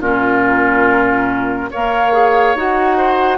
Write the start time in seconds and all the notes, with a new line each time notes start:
0.00 A#2 C#4 F4 A#4
1.71 A#3 A#4 C#5 F5
2.13 G#4
2.55 D#4 F#4 F#5
2.97 C5